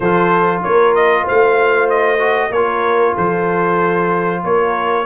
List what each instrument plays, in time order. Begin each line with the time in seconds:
0.00 tuba F3, trombone F4, horn A4, trumpet C5
0.63 tuba A#3, horn A#4, trumpet C#5
0.94 trumpet D#5
1.24 tuba A3, horn C5, trumpet F5
1.89 trumpet D#5
2.18 trombone F#4
2.50 tuba A#3, trombone F4, horn A#4, trumpet C#5
3.14 tuba F3, horn A4, trumpet C5
4.44 tuba A#3, horn A#4, trumpet C#5